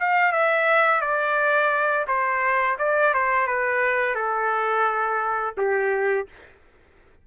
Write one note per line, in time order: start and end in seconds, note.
0.00 0.33 F5
0.33 1.01 E5
1.01 2.06 D5
2.08 2.77 C5
2.79 3.14 D5
3.14 3.47 C5
3.47 4.15 B4
4.15 5.55 A4
5.58 6.28 G4